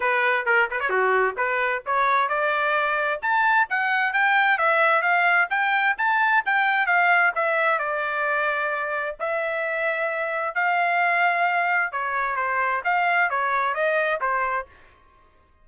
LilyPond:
\new Staff \with { instrumentName = "trumpet" } { \time 4/4 \tempo 4 = 131 b'4 ais'8 b'16 cis''16 fis'4 b'4 | cis''4 d''2 a''4 | fis''4 g''4 e''4 f''4 | g''4 a''4 g''4 f''4 |
e''4 d''2. | e''2. f''4~ | f''2 cis''4 c''4 | f''4 cis''4 dis''4 c''4 | }